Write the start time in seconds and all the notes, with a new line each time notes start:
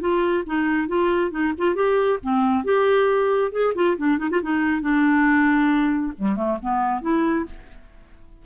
0.00 F4
0.46 D#4
0.88 F4
1.31 D#4
1.58 F4
1.75 G4
2.23 C4
2.64 G4
3.52 G#4
3.75 F4
3.97 D4
4.18 D#4
4.30 F4
4.42 D#4
4.81 D4
6.18 G3
6.36 A3
6.62 B3
7.01 E4